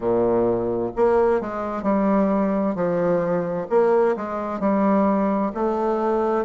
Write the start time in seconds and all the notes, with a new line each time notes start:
0.00 A#2
0.96 A#3
1.41 G#3
1.83 G3
2.74 F3
3.69 A#3
4.16 G#3
4.59 G3
5.54 A3